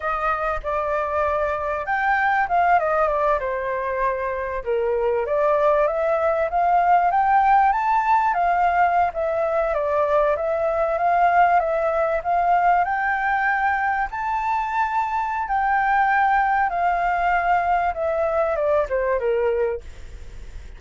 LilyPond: \new Staff \with { instrumentName = "flute" } { \time 4/4 \tempo 4 = 97 dis''4 d''2 g''4 | f''8 dis''8 d''8 c''2 ais'8~ | ais'8 d''4 e''4 f''4 g''8~ | g''8 a''4 f''4~ f''16 e''4 d''16~ |
d''8. e''4 f''4 e''4 f''16~ | f''8. g''2 a''4~ a''16~ | a''4 g''2 f''4~ | f''4 e''4 d''8 c''8 ais'4 | }